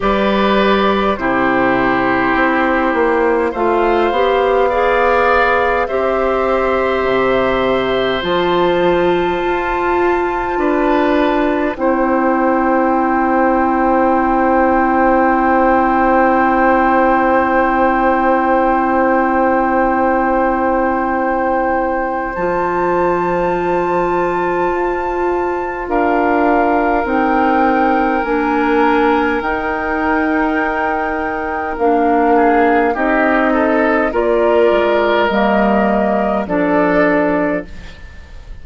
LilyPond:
<<
  \new Staff \with { instrumentName = "flute" } { \time 4/4 \tempo 4 = 51 d''4 c''2 f''4~ | f''4 e''2 a''4~ | a''2 g''2~ | g''1~ |
g''2. a''4~ | a''2 f''4 g''4 | gis''4 g''2 f''4 | dis''4 d''4 dis''4 d''4 | }
  \new Staff \with { instrumentName = "oboe" } { \time 4/4 b'4 g'2 c''4 | d''4 c''2.~ | c''4 b'4 c''2~ | c''1~ |
c''1~ | c''2 ais'2~ | ais'2.~ ais'8 gis'8 | g'8 a'8 ais'2 a'4 | }
  \new Staff \with { instrumentName = "clarinet" } { \time 4/4 g'4 e'2 f'8 g'8 | gis'4 g'2 f'4~ | f'2 e'2~ | e'1~ |
e'2. f'4~ | f'2. dis'4 | d'4 dis'2 d'4 | dis'4 f'4 ais4 d'4 | }
  \new Staff \with { instrumentName = "bassoon" } { \time 4/4 g4 c4 c'8 ais8 a8 b8~ | b4 c'4 c4 f4 | f'4 d'4 c'2~ | c'1~ |
c'2. f4~ | f4 f'4 d'4 c'4 | ais4 dis'2 ais4 | c'4 ais8 gis8 g4 f4 | }
>>